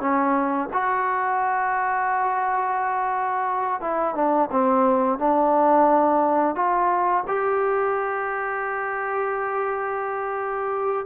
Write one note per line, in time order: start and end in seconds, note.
0.00 0.69 C#4
0.73 3.81 F#4
3.81 4.15 E4
4.15 4.49 D4
4.51 5.18 C4
5.18 6.55 D4
6.55 7.24 F4
7.27 11.06 G4